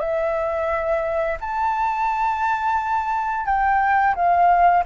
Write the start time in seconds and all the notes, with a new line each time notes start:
0.00 E5
1.41 A5
3.46 G5
4.15 F5